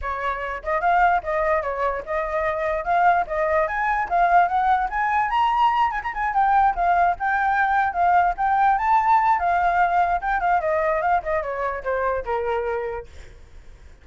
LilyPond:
\new Staff \with { instrumentName = "flute" } { \time 4/4 \tempo 4 = 147 cis''4. dis''8 f''4 dis''4 | cis''4 dis''2 f''4 | dis''4 gis''4 f''4 fis''4 | gis''4 ais''4. gis''16 ais''16 gis''8 g''8~ |
g''8 f''4 g''2 f''8~ | f''8 g''4 a''4. f''4~ | f''4 g''8 f''8 dis''4 f''8 dis''8 | cis''4 c''4 ais'2 | }